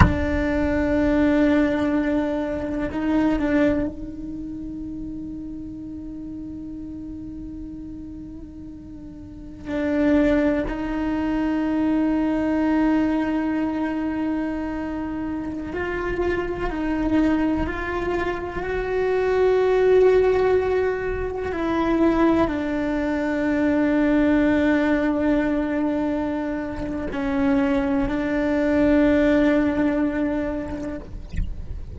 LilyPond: \new Staff \with { instrumentName = "cello" } { \time 4/4 \tempo 4 = 62 d'2. dis'8 d'8 | dis'1~ | dis'2 d'4 dis'4~ | dis'1~ |
dis'16 f'4 dis'4 f'4 fis'8.~ | fis'2~ fis'16 e'4 d'8.~ | d'1 | cis'4 d'2. | }